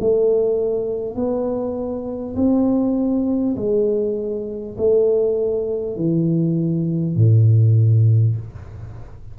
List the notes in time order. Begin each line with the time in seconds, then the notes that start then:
0.00 A3
1.16 B3
2.36 C4
3.57 G#3
4.78 A3
5.97 E3
7.16 A2